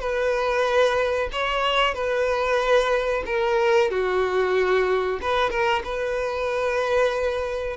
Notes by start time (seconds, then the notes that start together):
0.00 B4
1.32 C#5
1.94 B4
3.26 A#4
3.91 F#4
5.21 B4
5.50 A#4
5.84 B4